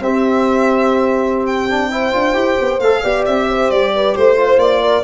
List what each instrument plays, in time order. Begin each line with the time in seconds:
0.00 tuba C4, trombone C4, horn G4, violin E5
1.46 violin G5
1.70 trombone D4
1.91 trombone E4, horn C5
2.12 tuba D4, trombone F4
2.34 tuba E4, trombone G4
2.61 tuba B3
2.80 tuba A3, trombone A4, violin F5
3.03 tuba B3, trombone G4, horn D5
3.26 tuba C4, violin E5
3.49 horn C5
3.71 tuba G3, violin D5
3.95 horn B4
4.15 tuba A3, violin C5, horn C5
4.37 trombone F4
4.57 tuba A#3, violin D5
4.82 horn A#4